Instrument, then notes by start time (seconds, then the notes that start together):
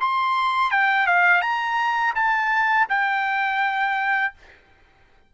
trumpet
0.00 C6
0.71 G5
1.06 F5
1.41 A#5
2.15 A5
2.89 G5